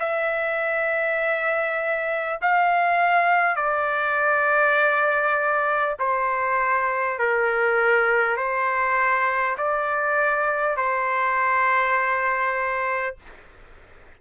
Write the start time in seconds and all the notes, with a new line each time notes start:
0.00 E5
2.42 F5
3.57 D5
5.99 C5
7.19 A#4
8.37 C5
9.58 D5
10.77 C5